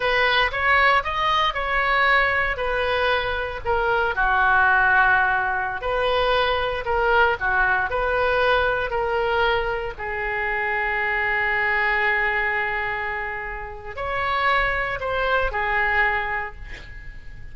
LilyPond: \new Staff \with { instrumentName = "oboe" } { \time 4/4 \tempo 4 = 116 b'4 cis''4 dis''4 cis''4~ | cis''4 b'2 ais'4 | fis'2.~ fis'16 b'8.~ | b'4~ b'16 ais'4 fis'4 b'8.~ |
b'4~ b'16 ais'2 gis'8.~ | gis'1~ | gis'2. cis''4~ | cis''4 c''4 gis'2 | }